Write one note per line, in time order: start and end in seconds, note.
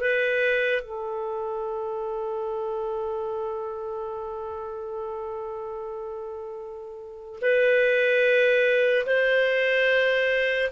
0.00 0.81 B4
0.81 7.39 A4
7.41 9.05 B4
9.06 10.70 C5